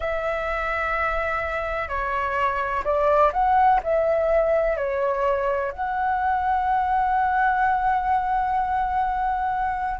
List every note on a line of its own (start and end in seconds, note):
0.00 1.88 E5
1.88 2.83 C#5
2.84 3.32 D5
3.32 3.80 F#5
3.83 4.76 E5
4.76 5.71 C#5
5.71 10.00 F#5